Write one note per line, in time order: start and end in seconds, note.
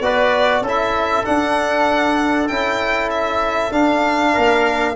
0.00 0.61 B3
0.00 0.64 F#4
0.00 0.62 B4
0.00 0.63 D5
0.61 1.23 C#4
0.61 1.24 E4
0.61 4.32 A4
0.68 1.25 E5
1.24 2.48 D4
1.24 2.49 D4
1.24 2.47 F#5
2.47 3.71 C#4
2.47 3.71 E4
2.47 3.09 G5
3.10 3.72 E5
3.71 4.94 D4
3.71 4.33 D4
3.71 4.95 F5
4.32 4.95 A#3
4.32 4.94 A#4